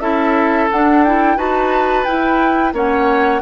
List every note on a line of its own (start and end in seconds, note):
0.00 0.68 C#4
0.00 0.70 E4
0.00 1.37 A4
0.00 0.68 E5
0.71 1.37 D4
0.71 1.07 D4
0.71 1.04 F#5
1.04 1.37 E4
1.04 1.38 G5
1.37 2.05 D#4
1.37 2.06 F#4
1.37 2.74 B4
1.37 2.05 A5
2.05 2.74 E4
2.05 2.73 G5
2.74 3.42 A#3
2.74 3.42 C#4
2.74 3.42 C#5
2.74 3.42 F#5